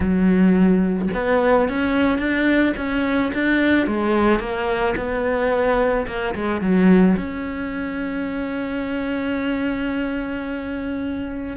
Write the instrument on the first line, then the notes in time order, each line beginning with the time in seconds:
cello
0.00 F#3
1.14 B3
1.69 C#4
2.18 D4
2.76 C#4
3.34 D4
3.87 G#3
4.39 A#3
4.96 B3
6.07 A#3
6.35 G#3
6.61 F#3
7.16 C#4